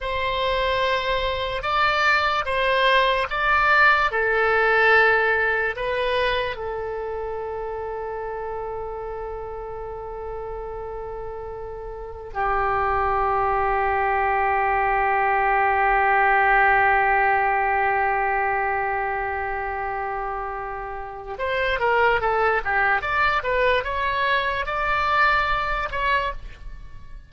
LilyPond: \new Staff \with { instrumentName = "oboe" } { \time 4/4 \tempo 4 = 73 c''2 d''4 c''4 | d''4 a'2 b'4 | a'1~ | a'2. g'4~ |
g'1~ | g'1~ | g'2 c''8 ais'8 a'8 g'8 | d''8 b'8 cis''4 d''4. cis''8 | }